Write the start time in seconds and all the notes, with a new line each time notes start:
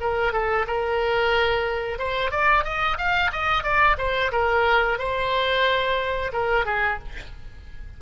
0.00 A#4
0.32 A4
0.67 A#4
1.98 C5
2.31 D5
2.64 D#5
2.98 F5
3.32 D#5
3.63 D5
3.98 C5
4.32 A#4
4.98 C5
6.32 A#4
6.65 G#4